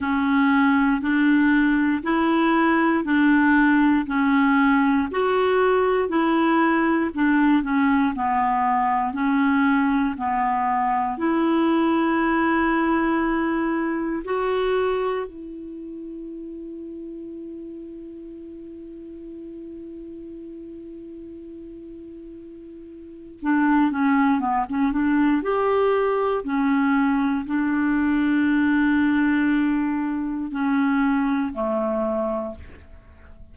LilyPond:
\new Staff \with { instrumentName = "clarinet" } { \time 4/4 \tempo 4 = 59 cis'4 d'4 e'4 d'4 | cis'4 fis'4 e'4 d'8 cis'8 | b4 cis'4 b4 e'4~ | e'2 fis'4 e'4~ |
e'1~ | e'2. d'8 cis'8 | b16 cis'16 d'8 g'4 cis'4 d'4~ | d'2 cis'4 a4 | }